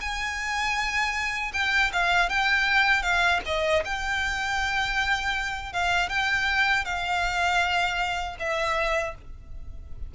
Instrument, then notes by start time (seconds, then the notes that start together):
violin
0.00 G#5
1.53 G5
1.93 F5
2.29 G5
3.02 F5
3.45 D#5
3.84 G5
5.73 F5
6.09 G5
6.85 F5
8.39 E5